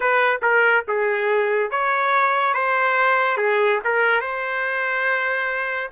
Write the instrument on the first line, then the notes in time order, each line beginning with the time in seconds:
trumpet
0.00 B4
0.42 A#4
0.88 G#4
1.71 C#5
2.54 C5
3.37 G#4
3.84 A#4
4.21 C5